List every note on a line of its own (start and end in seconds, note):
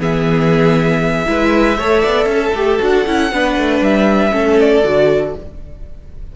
0.00 1.27 E3
0.00 1.26 B3
0.00 1.27 G#4
0.00 2.82 E5
1.26 1.78 G#3
1.26 1.77 E4
1.26 1.78 B4
1.78 2.03 A3
1.78 2.56 A4
1.78 2.02 C#5
2.02 2.26 B3
2.02 2.27 D5
2.26 2.51 C#4
2.26 3.33 A4
2.55 2.80 A3
2.55 2.80 G4
2.80 3.07 D4
2.80 3.05 F#4
2.80 3.84 F#5
3.06 3.32 C#4
3.06 3.32 E4
3.32 3.58 B3
3.32 4.31 D4
3.32 4.33 B4
3.58 3.81 A3
3.81 4.32 G3
3.81 4.60 E5
4.31 4.84 A3
4.31 4.82 C#4
4.31 5.35 A4
4.60 5.37 D5
4.84 5.36 D3
4.84 5.35 F#4